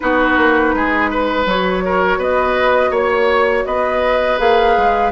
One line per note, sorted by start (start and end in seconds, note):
0.00 0.37 B3
0.00 1.46 D#4
0.00 0.75 F#4
0.00 1.44 B4
0.37 0.73 A#3
0.74 1.45 G#3
0.74 1.10 G#4
1.10 1.83 B4
1.45 2.17 F#3
1.45 4.38 F#4
1.45 2.21 C#5
1.85 2.18 A#4
2.17 2.90 B3
2.17 2.91 B4
2.17 2.95 D#5
2.91 3.64 A#3
2.91 3.64 C#5
2.91 3.65 C#5
3.65 4.39 B3
3.65 5.12 B4
3.65 4.38 D#5
4.38 4.76 A#3
4.38 5.11 G#4
4.38 5.12 F5
4.77 5.12 G#3